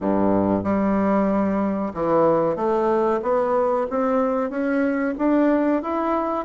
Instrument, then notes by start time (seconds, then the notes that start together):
bassoon
0.01 G2
0.63 G3
1.94 E3
2.55 A3
3.22 B3
3.89 C4
4.50 C#4
5.18 D4
5.82 E4